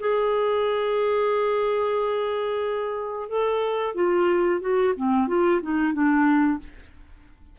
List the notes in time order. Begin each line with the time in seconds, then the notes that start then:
0.00 G#4
3.29 A4
3.95 F4
4.61 F#4
4.97 C4
5.28 F4
5.63 D#4
5.93 D4